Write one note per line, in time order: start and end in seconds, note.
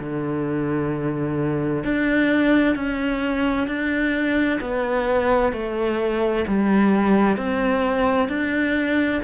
0.00 1.84 D3
1.84 2.76 D4
2.76 3.68 C#4
3.68 4.60 D4
4.61 5.53 B3
5.53 6.45 A3
6.48 7.37 G3
7.37 8.29 C4
8.29 9.21 D4